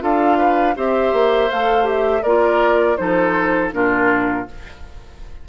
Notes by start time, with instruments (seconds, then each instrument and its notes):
0.00 bassoon D4, clarinet F4, oboe A4, flute F5
0.37 oboe B4
0.76 bassoon C4, clarinet G4, oboe C5, flute E5
1.13 bassoon A#3
1.51 bassoon A3, clarinet A4, flute F5
1.83 clarinet G4, flute E5
2.23 bassoon A#3, clarinet F4, oboe A#4, flute D5
2.97 bassoon F3, clarinet D#4, oboe A4, flute C5
3.72 bassoon A#2, clarinet D4, oboe F4, flute A#4